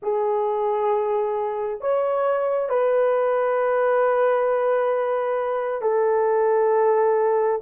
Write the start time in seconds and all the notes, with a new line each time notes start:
0.02 G#4
1.80 C#5
2.69 B4
5.81 A4